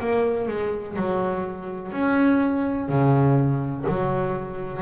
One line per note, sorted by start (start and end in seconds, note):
0.00 0.48 A#3
0.48 0.96 G#3
0.96 1.92 F#3
1.92 2.89 C#4
2.89 3.85 C#3
3.88 4.82 F#3